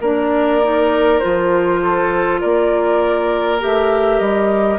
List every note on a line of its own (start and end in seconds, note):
0.00 1.20 A#3
0.00 0.62 D4
0.00 1.80 A#4
0.00 1.19 D5
0.62 1.21 D#4
1.19 2.43 F3
1.19 3.60 F4
1.19 2.39 C5
1.82 2.40 A4
2.40 3.63 A#3
2.40 4.79 A#4
2.40 3.60 D5
3.60 4.20 A3
3.60 4.79 G4
3.60 4.19 E5
4.19 4.79 G3
4.19 4.79 D#5